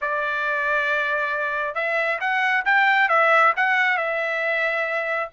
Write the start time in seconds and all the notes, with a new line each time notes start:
0.01 D5
1.74 E5
2.20 F#5
2.65 G5
3.09 E5
3.56 F#5
3.97 E5